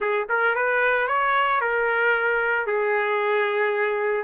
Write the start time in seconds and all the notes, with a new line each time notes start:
0.00 G#4
0.29 A#4
0.55 B4
1.07 C#5
1.60 A#4
2.66 G#4